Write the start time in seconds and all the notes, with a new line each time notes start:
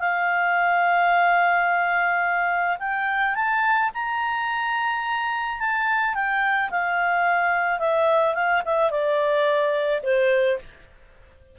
0.00 F5
2.80 G5
3.35 A5
3.94 A#5
5.60 A5
6.15 G5
6.71 F5
7.80 E5
8.35 F5
8.65 E5
8.91 D5
10.03 C5